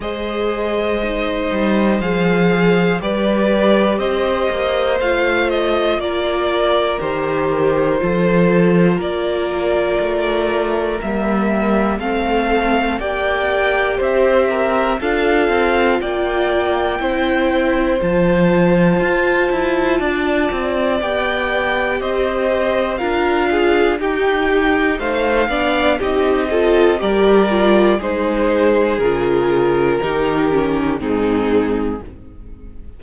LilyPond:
<<
  \new Staff \with { instrumentName = "violin" } { \time 4/4 \tempo 4 = 60 dis''2 f''4 d''4 | dis''4 f''8 dis''8 d''4 c''4~ | c''4 d''2 e''4 | f''4 g''4 e''4 f''4 |
g''2 a''2~ | a''4 g''4 dis''4 f''4 | g''4 f''4 dis''4 d''4 | c''4 ais'2 gis'4 | }
  \new Staff \with { instrumentName = "violin" } { \time 4/4 c''2. b'4 | c''2 ais'2 | a'4 ais'2. | a'4 d''4 c''8 ais'8 a'4 |
d''4 c''2. | d''2 c''4 ais'8 gis'8 | g'4 c''8 d''8 g'8 a'8 ais'4 | gis'2 g'4 dis'4 | }
  \new Staff \with { instrumentName = "viola" } { \time 4/4 gis'4 dis'4 gis'4 g'4~ | g'4 f'2 g'4 | f'2. ais4 | c'4 g'2 f'4~ |
f'4 e'4 f'2~ | f'4 g'2 f'4 | dis'4. d'8 dis'8 f'8 g'8 f'8 | dis'4 f'4 dis'8 cis'8 c'4 | }
  \new Staff \with { instrumentName = "cello" } { \time 4/4 gis4. g8 f4 g4 | c'8 ais8 a4 ais4 dis4 | f4 ais4 a4 g4 | a4 ais4 c'4 d'8 c'8 |
ais4 c'4 f4 f'8 e'8 | d'8 c'8 b4 c'4 d'4 | dis'4 a8 b8 c'4 g4 | gis4 cis4 dis4 gis,4 | }
>>